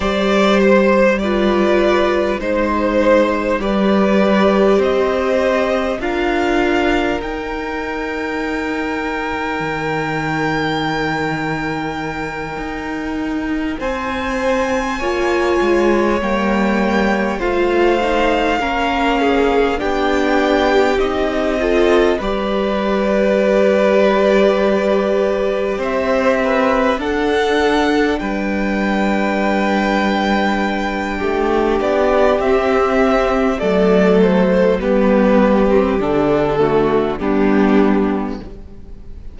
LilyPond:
<<
  \new Staff \with { instrumentName = "violin" } { \time 4/4 \tempo 4 = 50 d''8 c''8 d''4 c''4 d''4 | dis''4 f''4 g''2~ | g''2.~ g''8 gis''8~ | gis''4. g''4 f''4.~ |
f''8 g''4 dis''4 d''4.~ | d''4. e''4 fis''4 g''8~ | g''2~ g''8 d''8 e''4 | d''8 c''8 b'4 a'4 g'4 | }
  \new Staff \with { instrumentName = "violin" } { \time 4/4 c''4 b'4 c''4 b'4 | c''4 ais'2.~ | ais'2.~ ais'8 c''8~ | c''8 cis''2 c''4 ais'8 |
gis'8 g'4. a'8 b'4.~ | b'4. c''8 b'8 a'4 b'8~ | b'2 g'2 | a'4 g'4. fis'8 d'4 | }
  \new Staff \with { instrumentName = "viola" } { \time 4/4 g'4 f'4 dis'4 g'4~ | g'4 f'4 dis'2~ | dis'1~ | dis'8 f'4 ais4 f'8 dis'8 cis'8~ |
cis'8 d'4 dis'8 f'8 g'4.~ | g'2~ g'8 d'4.~ | d'2. c'4 | a4 b8. c'16 d'8 a8 b4 | }
  \new Staff \with { instrumentName = "cello" } { \time 4/4 g2 gis4 g4 | c'4 d'4 dis'2 | dis2~ dis8 dis'4 c'8~ | c'8 ais8 gis8 g4 a4 ais8~ |
ais8 b4 c'4 g4.~ | g4. c'4 d'4 g8~ | g2 a8 b8 c'4 | fis4 g4 d4 g4 | }
>>